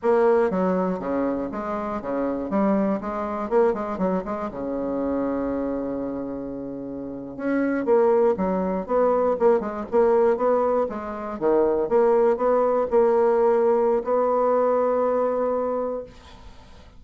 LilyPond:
\new Staff \with { instrumentName = "bassoon" } { \time 4/4 \tempo 4 = 120 ais4 fis4 cis4 gis4 | cis4 g4 gis4 ais8 gis8 | fis8 gis8 cis2.~ | cis2~ cis8. cis'4 ais16~ |
ais8. fis4 b4 ais8 gis8 ais16~ | ais8. b4 gis4 dis4 ais16~ | ais8. b4 ais2~ ais16 | b1 | }